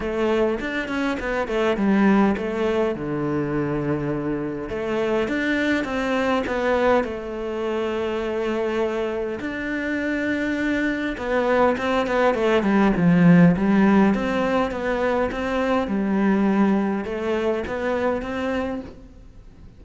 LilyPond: \new Staff \with { instrumentName = "cello" } { \time 4/4 \tempo 4 = 102 a4 d'8 cis'8 b8 a8 g4 | a4 d2. | a4 d'4 c'4 b4 | a1 |
d'2. b4 | c'8 b8 a8 g8 f4 g4 | c'4 b4 c'4 g4~ | g4 a4 b4 c'4 | }